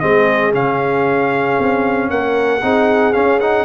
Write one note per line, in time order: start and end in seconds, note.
0.00 0.54 G#3
0.00 0.53 C4
0.00 2.10 G#4
0.00 0.52 D#5
0.53 1.58 C#3
0.53 2.61 C#4
0.53 2.10 F5
1.60 2.10 C4
2.10 2.63 A#3
2.10 2.63 A#4
2.10 3.13 F#5
2.62 3.15 C4
2.62 3.14 D#4
2.62 3.65 G#4
3.13 3.40 C#4
3.13 3.65 C#4
3.13 3.40 F5
3.40 3.65 D#4
3.40 3.65 F#5